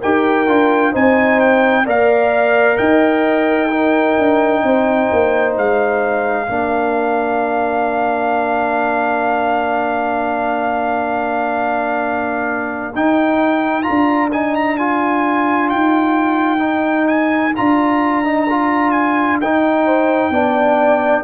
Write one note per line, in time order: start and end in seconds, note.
0.00 0.48 D#4
0.00 0.47 G4
0.00 0.91 A#4
0.00 0.94 G5
0.47 0.94 D4
0.47 0.92 F4
0.91 1.86 C4
0.91 1.85 D#4
0.91 1.83 C5
0.91 1.40 G#5
1.40 1.86 G5
1.85 2.78 A#3
1.85 3.70 A#4
1.85 2.77 D5
1.85 2.77 F5
2.77 4.18 D#4
2.77 3.70 D#5
2.77 5.54 G5
3.70 6.47 D#4
3.70 4.62 A#4
4.18 4.63 D4
4.63 5.09 C4
4.63 6.46 C5
5.12 5.57 A#3
5.57 6.49 G#3
5.57 12.95 F5
6.46 12.95 A#3
6.46 12.93 D4
6.46 19.84 A#4
12.95 13.87 D#4
12.95 13.83 D#4
12.95 13.82 G5
13.82 14.29 F4
13.82 14.29 A#5
13.89 15.72 D4
14.32 14.78 D#4
14.32 14.55 G#5
14.55 14.77 A#5
14.77 16.58 F4
14.77 15.69 G#5
15.69 17.56 D#4
15.69 17.07 G5
16.58 17.51 D#4
17.07 17.54 G#5
17.56 19.41 D4
17.56 18.24 F4
17.56 18.91 A#5
18.24 18.47 D#4
18.50 19.42 F4
18.91 19.37 G#5
19.41 20.30 D#4
19.41 20.32 D#4
19.41 21.24 G5
19.85 20.31 C5
20.30 21.22 B3
20.30 21.24 D4
20.30 21.24 D5